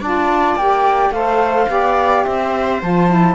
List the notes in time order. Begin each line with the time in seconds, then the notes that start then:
0.00 D4 F4 D5 A5
0.56 A#3 G4 G5
1.10 A3 A4 C5 F5
1.68 B3 G4 D5
2.25 C4 C5 E5
2.82 F3 F4 A5
3.10 E4